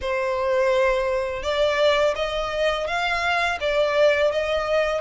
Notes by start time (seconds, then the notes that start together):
0.01 C5
1.43 D5
2.15 D#5
2.87 F5
3.60 D5
4.31 D#5